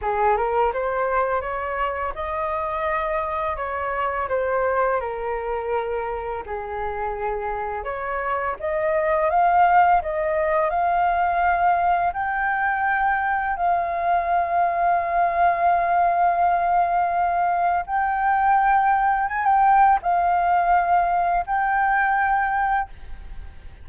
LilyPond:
\new Staff \with { instrumentName = "flute" } { \time 4/4 \tempo 4 = 84 gis'8 ais'8 c''4 cis''4 dis''4~ | dis''4 cis''4 c''4 ais'4~ | ais'4 gis'2 cis''4 | dis''4 f''4 dis''4 f''4~ |
f''4 g''2 f''4~ | f''1~ | f''4 g''2 gis''16 g''8. | f''2 g''2 | }